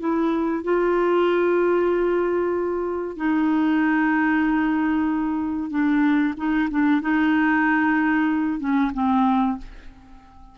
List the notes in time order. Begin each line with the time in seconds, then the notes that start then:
0.00 E4
0.64 F4
3.17 D#4
5.70 D4
6.37 D#4
6.71 D4
7.02 D#4
8.60 C#4
8.94 C4